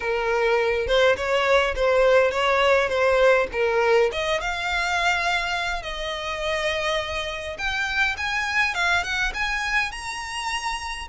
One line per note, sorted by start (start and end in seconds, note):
0.00 0.87 A#4
0.87 1.16 C5
1.16 1.74 C#5
1.75 2.31 C5
2.31 2.88 C#5
2.88 3.47 C5
3.52 4.10 A#4
4.11 4.40 D#5
4.40 5.82 F5
5.82 7.57 D#5
7.57 8.16 G5
8.17 8.74 G#5
8.74 9.03 F5
9.03 9.32 F#5
9.34 9.91 G#5
9.91 11.08 A#5